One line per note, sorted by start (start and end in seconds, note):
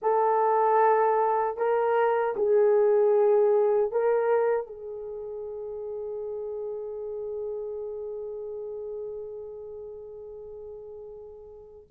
0.02 1.57 A4
1.57 2.34 A#4
2.36 3.91 G#4
3.91 4.66 A#4
4.66 11.87 G#4